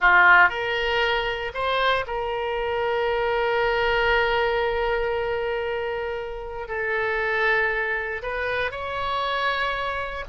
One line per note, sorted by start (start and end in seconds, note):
0.00 0.49 F4
0.49 1.52 A#4
1.54 2.05 C5
2.07 6.68 A#4
6.68 8.21 A4
8.22 8.71 B4
8.71 10.24 C#5